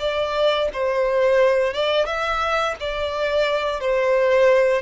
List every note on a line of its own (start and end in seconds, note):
0.00 0.69 D5
0.74 1.74 C5
1.74 2.06 D5
2.06 2.75 E5
2.80 3.81 D5
3.81 4.82 C5